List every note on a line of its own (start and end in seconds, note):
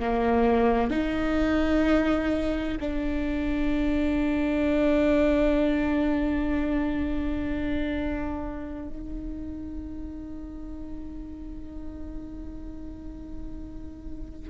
0.00 0.91 A#3
0.91 2.78 D#4
2.80 8.89 D4
8.89 14.51 D#4